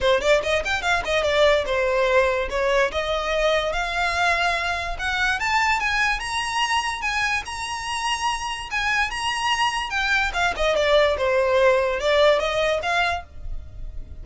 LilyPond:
\new Staff \with { instrumentName = "violin" } { \time 4/4 \tempo 4 = 145 c''8 d''8 dis''8 g''8 f''8 dis''8 d''4 | c''2 cis''4 dis''4~ | dis''4 f''2. | fis''4 a''4 gis''4 ais''4~ |
ais''4 gis''4 ais''2~ | ais''4 gis''4 ais''2 | g''4 f''8 dis''8 d''4 c''4~ | c''4 d''4 dis''4 f''4 | }